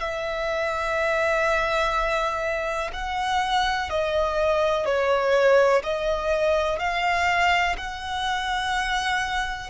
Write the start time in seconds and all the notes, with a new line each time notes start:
0.00 E5
2.93 F#5
3.90 D#5
4.85 C#5
5.83 D#5
6.79 F5
7.77 F#5